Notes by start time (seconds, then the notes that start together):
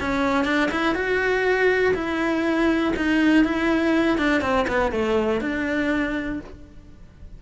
0.00 C#4
0.45 D4
0.71 E4
0.95 F#4
1.94 E4
2.96 D#4
3.44 E4
4.18 D4
4.41 C4
4.67 B3
4.91 A3
5.40 D4